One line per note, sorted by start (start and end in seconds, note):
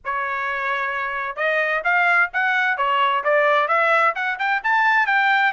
0.04 1.36 C#5
1.36 1.82 D#5
1.84 2.30 F5
2.33 2.77 F#5
2.77 3.23 C#5
3.24 3.68 D5
3.68 4.14 E5
4.15 4.38 F#5
4.38 4.62 G5
4.63 5.06 A5
5.06 5.52 G5